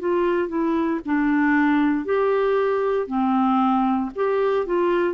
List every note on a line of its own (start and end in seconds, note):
0.00 0.49 F4
0.49 1.01 E4
1.06 2.05 D4
2.05 3.08 G4
3.08 4.11 C4
4.16 4.67 G4
4.67 5.14 F4